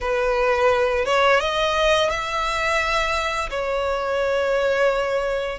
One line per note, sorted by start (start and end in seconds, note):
0.01 1.05 B4
1.05 1.40 C#5
1.40 2.09 D#5
2.10 3.49 E5
3.50 5.58 C#5